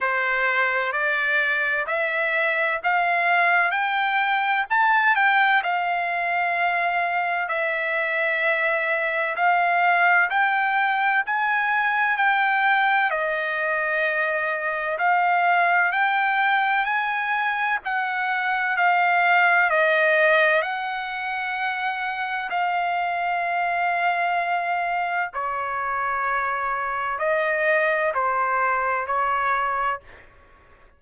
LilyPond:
\new Staff \with { instrumentName = "trumpet" } { \time 4/4 \tempo 4 = 64 c''4 d''4 e''4 f''4 | g''4 a''8 g''8 f''2 | e''2 f''4 g''4 | gis''4 g''4 dis''2 |
f''4 g''4 gis''4 fis''4 | f''4 dis''4 fis''2 | f''2. cis''4~ | cis''4 dis''4 c''4 cis''4 | }